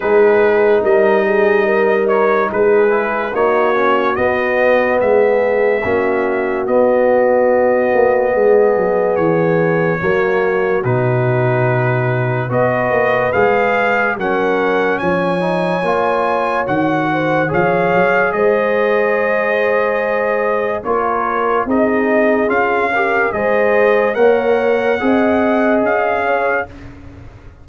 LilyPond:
<<
  \new Staff \with { instrumentName = "trumpet" } { \time 4/4 \tempo 4 = 72 b'4 dis''4. cis''8 b'4 | cis''4 dis''4 e''2 | dis''2. cis''4~ | cis''4 b'2 dis''4 |
f''4 fis''4 gis''2 | fis''4 f''4 dis''2~ | dis''4 cis''4 dis''4 f''4 | dis''4 fis''2 f''4 | }
  \new Staff \with { instrumentName = "horn" } { \time 4/4 gis'4 ais'8 gis'8 ais'4 gis'4 | fis'2 gis'4 fis'4~ | fis'2 gis'2 | fis'2. b'4~ |
b'4 ais'4 cis''2~ | cis''8 c''8 cis''4 c''2~ | c''4 ais'4 gis'4. ais'8 | c''4 cis''4 dis''4. cis''8 | }
  \new Staff \with { instrumentName = "trombone" } { \time 4/4 dis'2.~ dis'8 e'8 | dis'8 cis'8 b2 cis'4 | b1 | ais4 dis'2 fis'4 |
gis'4 cis'4. dis'8 f'4 | fis'4 gis'2.~ | gis'4 f'4 dis'4 f'8 g'8 | gis'4 ais'4 gis'2 | }
  \new Staff \with { instrumentName = "tuba" } { \time 4/4 gis4 g2 gis4 | ais4 b4 gis4 ais4 | b4. ais8 gis8 fis8 e4 | fis4 b,2 b8 ais8 |
gis4 fis4 f4 ais4 | dis4 f8 fis8 gis2~ | gis4 ais4 c'4 cis'4 | gis4 ais4 c'4 cis'4 | }
>>